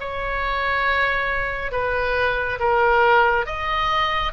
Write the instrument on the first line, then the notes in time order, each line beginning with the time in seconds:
oboe
0.00 C#5
1.72 B4
2.60 A#4
3.46 D#5